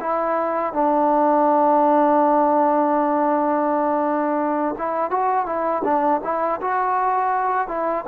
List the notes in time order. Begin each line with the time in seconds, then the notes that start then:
0.00 E4
0.73 D4
4.78 E4
5.10 F#4
5.45 E4
5.84 D4
6.24 E4
6.61 F#4
7.68 E4